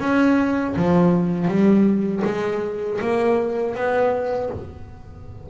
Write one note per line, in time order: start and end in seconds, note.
0.00 0.75 C#4
0.76 1.48 F3
1.48 2.23 G3
2.25 3.00 G#3
3.01 3.75 A#3
3.75 4.50 B3